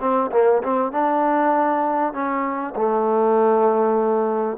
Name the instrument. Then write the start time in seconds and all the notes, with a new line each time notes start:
trombone
0.00 C4
0.31 A#3
0.63 C4
0.92 D4
2.13 C#4
2.75 A3